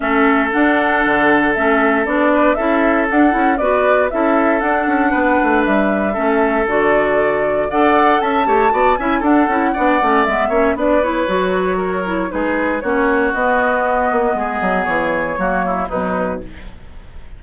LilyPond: <<
  \new Staff \with { instrumentName = "flute" } { \time 4/4 \tempo 4 = 117 e''4 fis''2 e''4 | d''4 e''4 fis''4 d''4 | e''4 fis''2 e''4~ | e''4 d''2 fis''4 |
a''4. gis''8 fis''2 | e''4 d''8 cis''2~ cis''8 | b'4 cis''4 dis''2~ | dis''4 cis''2 b'4 | }
  \new Staff \with { instrumentName = "oboe" } { \time 4/4 a'1~ | a'8 b'8 a'2 b'4 | a'2 b'2 | a'2. d''4 |
e''8 cis''8 d''8 e''8 a'4 d''4~ | d''8 cis''8 b'2 ais'4 | gis'4 fis'2. | gis'2 fis'8 e'8 dis'4 | }
  \new Staff \with { instrumentName = "clarinet" } { \time 4/4 cis'4 d'2 cis'4 | d'4 e'4 d'8 e'8 fis'4 | e'4 d'2. | cis'4 fis'2 a'4~ |
a'8 g'8 fis'8 e'8 d'8 e'8 d'8 cis'8 | b8 cis'8 d'8 e'8 fis'4. e'8 | dis'4 cis'4 b2~ | b2 ais4 fis4 | }
  \new Staff \with { instrumentName = "bassoon" } { \time 4/4 a4 d'4 d4 a4 | b4 cis'4 d'8 cis'8 b4 | cis'4 d'8 cis'8 b8 a8 g4 | a4 d2 d'4 |
cis'8 a8 b8 cis'8 d'8 cis'8 b8 a8 | gis8 ais8 b4 fis2 | gis4 ais4 b4. ais8 | gis8 fis8 e4 fis4 b,4 | }
>>